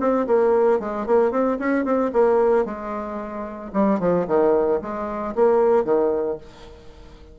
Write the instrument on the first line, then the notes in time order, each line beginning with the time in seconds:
bassoon
0.00 C4
0.27 A#3
0.80 G#3
1.06 A#3
1.31 C4
1.59 C#4
1.85 C4
2.13 A#3
2.65 G#3
3.73 G3
4.00 F3
4.27 D#3
4.81 G#3
5.35 A#3
5.84 D#3